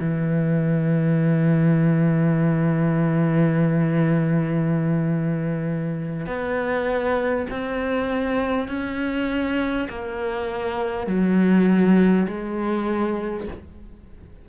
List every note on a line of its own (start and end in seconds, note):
0.00 6.27 E3
6.27 7.47 B3
7.51 8.69 C4
8.69 9.89 C#4
9.89 11.07 A#3
11.07 12.27 F#3
12.28 13.48 G#3